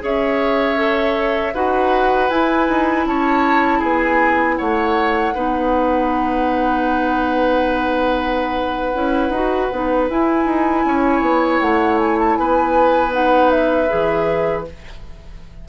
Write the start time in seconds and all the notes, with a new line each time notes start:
0.00 C#4 G#4 C#5 E5
0.76 A4
1.54 D#4 F#4 B4 F#5
2.29 E4 G#5
2.68 D#4
3.05 C#4 C#5 A5
3.78 B3 G#4 G#5
4.56 A3 C#5 F#5
5.34 B3 D#4 B4
8.94 C#4 E4
9.29 D#4 F#4
9.71 B3 D#4
10.09 E4 G#5
10.45 D#4
10.85 C#4 C#5
11.21 B3
11.60 A3 F#5
11.98 G#5
12.18 A5
12.36 B3 B4 G#5
13.12 D#4 F#5
13.50 E5
13.88 E3 G#4